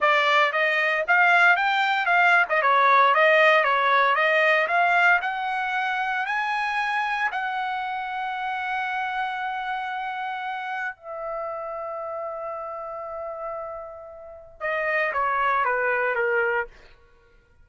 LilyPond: \new Staff \with { instrumentName = "trumpet" } { \time 4/4 \tempo 4 = 115 d''4 dis''4 f''4 g''4 | f''8. dis''16 cis''4 dis''4 cis''4 | dis''4 f''4 fis''2 | gis''2 fis''2~ |
fis''1~ | fis''4 e''2.~ | e''1 | dis''4 cis''4 b'4 ais'4 | }